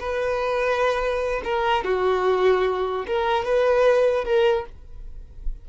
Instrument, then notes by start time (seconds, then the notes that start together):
violin
0.00 B4
1.44 A#4
1.84 F#4
3.07 A#4
3.45 B4
4.25 A#4